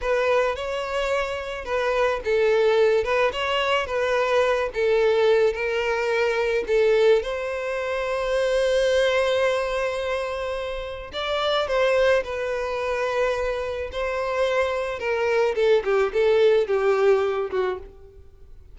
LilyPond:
\new Staff \with { instrumentName = "violin" } { \time 4/4 \tempo 4 = 108 b'4 cis''2 b'4 | a'4. b'8 cis''4 b'4~ | b'8 a'4. ais'2 | a'4 c''2.~ |
c''1 | d''4 c''4 b'2~ | b'4 c''2 ais'4 | a'8 g'8 a'4 g'4. fis'8 | }